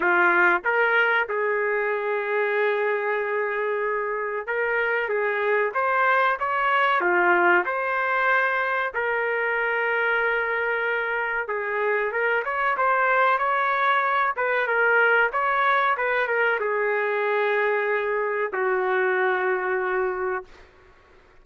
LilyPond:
\new Staff \with { instrumentName = "trumpet" } { \time 4/4 \tempo 4 = 94 f'4 ais'4 gis'2~ | gis'2. ais'4 | gis'4 c''4 cis''4 f'4 | c''2 ais'2~ |
ais'2 gis'4 ais'8 cis''8 | c''4 cis''4. b'8 ais'4 | cis''4 b'8 ais'8 gis'2~ | gis'4 fis'2. | }